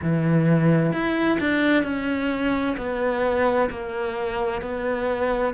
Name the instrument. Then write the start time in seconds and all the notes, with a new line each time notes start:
cello
0.02 E3
0.92 E4
1.39 D4
1.83 C#4
2.77 B3
3.70 A#3
4.61 B3